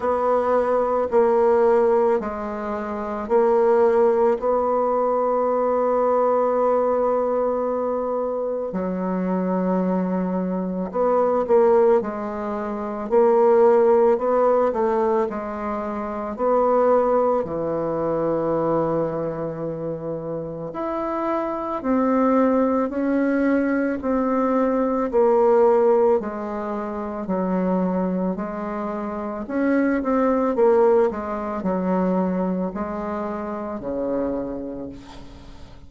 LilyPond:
\new Staff \with { instrumentName = "bassoon" } { \time 4/4 \tempo 4 = 55 b4 ais4 gis4 ais4 | b1 | fis2 b8 ais8 gis4 | ais4 b8 a8 gis4 b4 |
e2. e'4 | c'4 cis'4 c'4 ais4 | gis4 fis4 gis4 cis'8 c'8 | ais8 gis8 fis4 gis4 cis4 | }